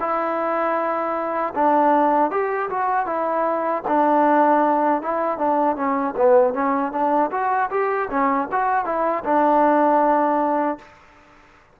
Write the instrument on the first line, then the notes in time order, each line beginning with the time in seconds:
trombone
0.00 E4
1.55 D4
2.31 G4
2.70 F#4
3.06 E4
3.88 D4
5.02 E4
5.38 D4
5.76 C#4
6.16 B3
6.54 C#4
6.92 D4
7.31 F#4
7.70 G4
8.10 C#4
8.51 F#4
8.85 E4
9.24 D4